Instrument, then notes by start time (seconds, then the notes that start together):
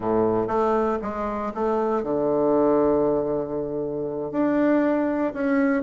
bassoon
0.00 A2
0.47 A3
1.02 G#3
1.54 A3
2.03 D3
4.31 D4
5.33 C#4